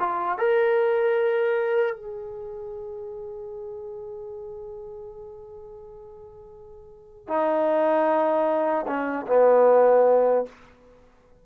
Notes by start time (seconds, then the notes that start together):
0.00 F4
0.39 A#4
1.96 G#4
7.28 D#4
8.87 C#4
9.28 B3